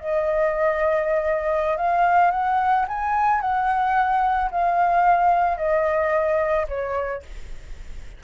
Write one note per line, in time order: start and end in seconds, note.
0.00 1.77 D#5
1.77 2.31 F5
2.31 2.86 F#5
2.88 3.41 G#5
3.41 4.50 F#5
4.51 5.58 F5
5.58 6.67 D#5
6.68 7.23 C#5